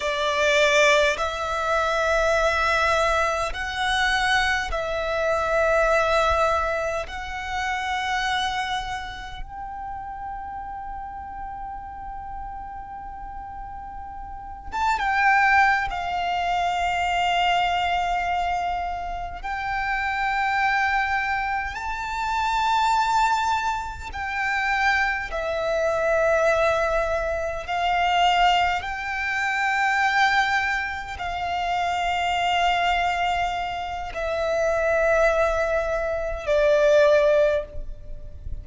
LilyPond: \new Staff \with { instrumentName = "violin" } { \time 4/4 \tempo 4 = 51 d''4 e''2 fis''4 | e''2 fis''2 | g''1~ | g''8 a''16 g''8. f''2~ f''8~ |
f''8 g''2 a''4.~ | a''8 g''4 e''2 f''8~ | f''8 g''2 f''4.~ | f''4 e''2 d''4 | }